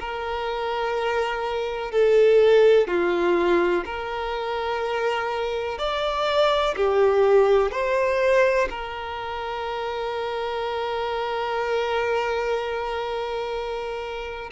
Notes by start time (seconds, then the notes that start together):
0.00 A#4
1.91 A4
2.88 F4
3.85 A#4
5.78 D5
6.77 G4
7.72 C5
8.70 A#4